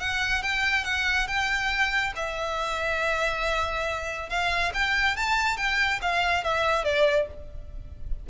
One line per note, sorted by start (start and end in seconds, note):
0.00 0.43 F#5
0.43 0.85 G5
0.85 1.28 F#5
1.28 2.13 G5
2.16 4.30 E5
4.30 4.73 F5
4.74 5.16 G5
5.16 5.57 A5
5.57 6.00 G5
6.02 6.44 F5
6.44 6.85 E5
6.85 7.27 D5